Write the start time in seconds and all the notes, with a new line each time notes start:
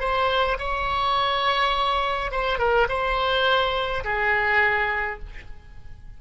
0.00 C5
0.59 C#5
2.31 C5
2.59 A#4
2.88 C5
4.04 G#4